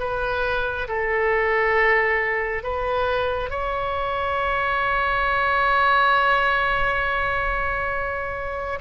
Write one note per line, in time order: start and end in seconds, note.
0.00 0.88 B4
0.89 2.64 A4
2.64 3.51 B4
3.51 8.80 C#5